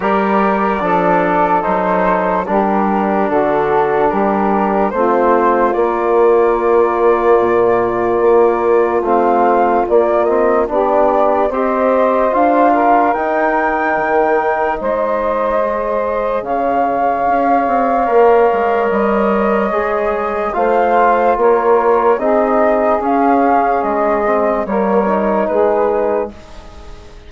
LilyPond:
<<
  \new Staff \with { instrumentName = "flute" } { \time 4/4 \tempo 4 = 73 d''2 c''4 ais'4 | a'4 ais'4 c''4 d''4~ | d''2. f''4 | d''8 dis''8 d''4 dis''4 f''4 |
g''2 dis''2 | f''2. dis''4~ | dis''4 f''4 cis''4 dis''4 | f''4 dis''4 cis''4 b'4 | }
  \new Staff \with { instrumentName = "saxophone" } { \time 4/4 ais'4 a'2 g'4 | fis'4 g'4 f'2~ | f'1~ | f'4 g'4 c''4. ais'8~ |
ais'2 c''2 | cis''1~ | cis''4 c''4 ais'4 gis'4~ | gis'2 ais'4 gis'4 | }
  \new Staff \with { instrumentName = "trombone" } { \time 4/4 g'4 d'4 dis'4 d'4~ | d'2 c'4 ais4~ | ais2. c'4 | ais8 c'8 d'4 g'4 f'4 |
dis'2. gis'4~ | gis'2 ais'2 | gis'4 f'2 dis'4 | cis'4. c'8 ais8 dis'4. | }
  \new Staff \with { instrumentName = "bassoon" } { \time 4/4 g4 f4 fis4 g4 | d4 g4 a4 ais4~ | ais4 ais,4 ais4 a4 | ais4 b4 c'4 d'4 |
dis'4 dis4 gis2 | cis4 cis'8 c'8 ais8 gis8 g4 | gis4 a4 ais4 c'4 | cis'4 gis4 g4 gis4 | }
>>